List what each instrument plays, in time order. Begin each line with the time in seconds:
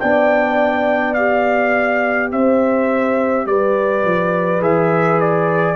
0.00 tuba B3, trombone D4, horn D5, trumpet G5
1.14 trombone G4, trumpet F5
2.32 tuba C4, horn C5, trumpet E5
3.46 tuba G3, horn B4, trumpet D5
4.05 tuba F3
4.61 tuba E3, trombone G#4, trumpet E5
5.20 trumpet D5